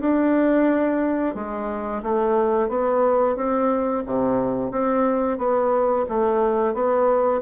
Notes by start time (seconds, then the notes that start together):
0.00 D4
1.34 G#3
2.03 A3
2.68 B3
3.36 C4
4.06 C3
4.71 C4
5.38 B3
6.09 A3
6.74 B3